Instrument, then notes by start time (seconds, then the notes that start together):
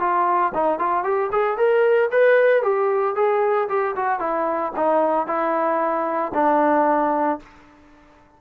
trombone
0.00 F4
0.54 D#4
0.79 F4
1.04 G4
1.32 G#4
1.57 A#4
2.11 B4
2.63 G4
3.16 G#4
3.69 G4
3.95 F#4
4.19 E4
4.76 D#4
5.27 E4
6.34 D4